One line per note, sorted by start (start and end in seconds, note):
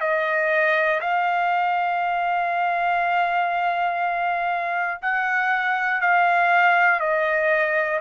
0.00 1.00 D#5
1.00 5.00 F5
5.01 6.01 F#5
6.01 7.00 F5
7.00 8.00 D#5